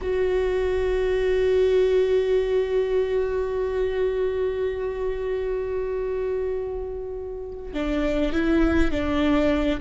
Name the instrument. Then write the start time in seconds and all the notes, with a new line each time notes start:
viola
0.01 F#4
7.73 D4
8.32 E4
8.91 D4